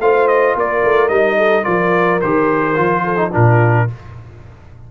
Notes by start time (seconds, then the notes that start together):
0.00 A3 F4 C5 F5
0.28 D#5
0.56 A#3 A#4 D5
0.84 A3
1.09 G3 D#4 D#5
1.37 A4
1.64 F3 F4 A#4 D5
2.22 D#3 G4 C5
2.75 F3 F4
3.04 A4
3.17 D#4
3.32 A#2 D4 F4 A#4